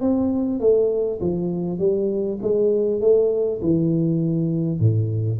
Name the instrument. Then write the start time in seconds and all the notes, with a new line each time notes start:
tuba
0.00 C4
0.59 A3
1.20 F3
1.78 G3
2.41 G#3
3.00 A3
3.61 E3
4.79 A2